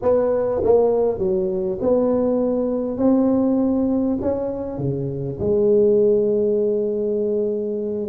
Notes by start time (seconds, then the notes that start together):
0.02 B3
0.63 A#3
1.18 F#3
1.81 B3
2.97 C4
4.21 C#4
4.78 C#3
5.39 G#3